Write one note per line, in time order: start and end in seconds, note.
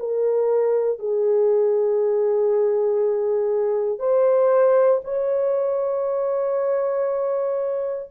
0.00 0.99 A#4
0.99 3.99 G#4
3.99 5.01 C5
5.05 8.10 C#5